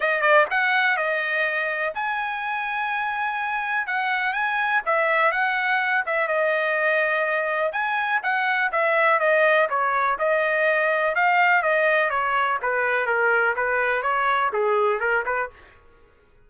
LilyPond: \new Staff \with { instrumentName = "trumpet" } { \time 4/4 \tempo 4 = 124 dis''8 d''8 fis''4 dis''2 | gis''1 | fis''4 gis''4 e''4 fis''4~ | fis''8 e''8 dis''2. |
gis''4 fis''4 e''4 dis''4 | cis''4 dis''2 f''4 | dis''4 cis''4 b'4 ais'4 | b'4 cis''4 gis'4 ais'8 b'8 | }